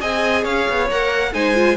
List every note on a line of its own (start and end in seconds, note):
0.00 0.44 C4
0.00 0.88 G#4
0.00 0.43 D#5
0.00 0.44 G#5
0.43 0.66 C#4
0.43 1.30 C#5
0.43 0.88 F5
0.68 0.90 B3
0.90 1.33 A#3
0.90 1.33 A#4
0.90 1.33 F#5
1.33 1.77 G#3
1.33 1.54 D#4
1.33 1.77 C5
1.33 1.77 G#5
1.54 1.76 F4